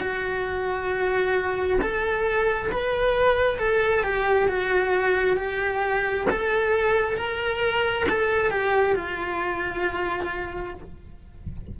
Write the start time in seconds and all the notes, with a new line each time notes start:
0.00 F#4
1.81 A4
2.72 B4
3.59 A4
4.03 G4
4.48 F#4
5.36 G4
6.30 A4
7.17 A#4
8.09 A4
8.50 G4
8.95 F4